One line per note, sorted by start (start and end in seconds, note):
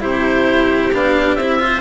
0.00 0.93 C3
0.00 0.91 E4
0.00 1.61 G4
0.00 0.93 C5
0.93 1.36 B3
0.93 1.39 D4
0.93 1.35 F5
1.35 1.81 C4
1.35 1.59 E4
1.35 1.81 E5
1.59 1.81 F4
1.59 1.81 C5